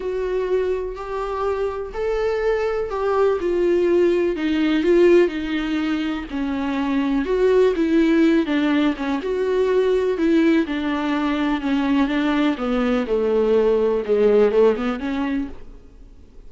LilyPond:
\new Staff \with { instrumentName = "viola" } { \time 4/4 \tempo 4 = 124 fis'2 g'2 | a'2 g'4 f'4~ | f'4 dis'4 f'4 dis'4~ | dis'4 cis'2 fis'4 |
e'4. d'4 cis'8 fis'4~ | fis'4 e'4 d'2 | cis'4 d'4 b4 a4~ | a4 gis4 a8 b8 cis'4 | }